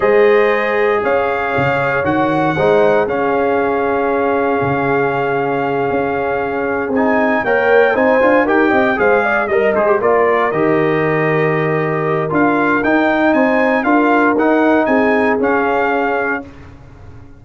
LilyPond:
<<
  \new Staff \with { instrumentName = "trumpet" } { \time 4/4 \tempo 4 = 117 dis''2 f''2 | fis''2 f''2~ | f''1~ | f''4. gis''4 g''4 gis''8~ |
gis''8 g''4 f''4 dis''8 c''8 d''8~ | d''8 dis''2.~ dis''8 | f''4 g''4 gis''4 f''4 | fis''4 gis''4 f''2 | }
  \new Staff \with { instrumentName = "horn" } { \time 4/4 c''2 cis''2~ | cis''4 c''4 gis'2~ | gis'1~ | gis'2~ gis'8 cis''4 c''8~ |
c''8 ais'8 dis''8 c''8 d''8 dis''4 ais'8~ | ais'1~ | ais'2 c''4 ais'4~ | ais'4 gis'2. | }
  \new Staff \with { instrumentName = "trombone" } { \time 4/4 gis'1 | fis'4 dis'4 cis'2~ | cis'1~ | cis'4. dis'4 ais'4 dis'8 |
f'8 g'4 gis'4 ais'8 gis'16 g'16 f'8~ | f'8 g'2.~ g'8 | f'4 dis'2 f'4 | dis'2 cis'2 | }
  \new Staff \with { instrumentName = "tuba" } { \time 4/4 gis2 cis'4 cis4 | dis4 gis4 cis'2~ | cis'4 cis2~ cis8 cis'8~ | cis'4. c'4 ais4 c'8 |
d'8 dis'8 c'8 gis4 g8 gis8 ais8~ | ais8 dis2.~ dis8 | d'4 dis'4 c'4 d'4 | dis'4 c'4 cis'2 | }
>>